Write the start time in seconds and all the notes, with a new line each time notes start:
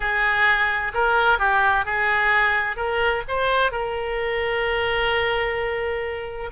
0.00 G#4
0.94 A#4
1.38 G4
1.85 G#4
2.76 A#4
3.28 C5
3.71 A#4